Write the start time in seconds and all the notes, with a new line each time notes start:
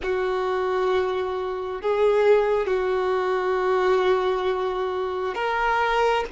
0.02 F#4
1.81 G#4
2.66 F#4
5.34 A#4